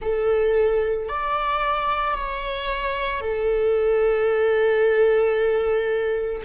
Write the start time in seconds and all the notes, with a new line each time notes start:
0.01 A4
1.08 D5
2.14 C#5
3.20 A4